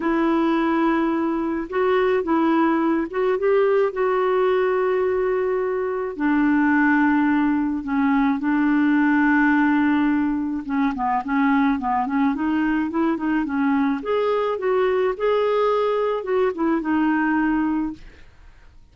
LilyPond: \new Staff \with { instrumentName = "clarinet" } { \time 4/4 \tempo 4 = 107 e'2. fis'4 | e'4. fis'8 g'4 fis'4~ | fis'2. d'4~ | d'2 cis'4 d'4~ |
d'2. cis'8 b8 | cis'4 b8 cis'8 dis'4 e'8 dis'8 | cis'4 gis'4 fis'4 gis'4~ | gis'4 fis'8 e'8 dis'2 | }